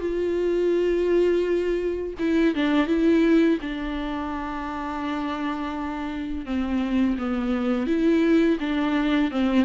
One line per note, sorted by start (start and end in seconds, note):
0.00 2.14 F4
2.19 2.55 E4
2.55 2.87 D4
2.87 3.58 E4
3.61 6.46 D4
6.46 7.17 C4
7.18 7.87 B3
7.87 8.58 E4
8.60 9.31 D4
9.31 9.65 C4